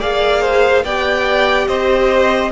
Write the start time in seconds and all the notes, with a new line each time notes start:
0.00 A#3 G#4 D5 F5
0.41 C5
0.84 B3 G4 D5 G5
1.68 C4 C5 D#5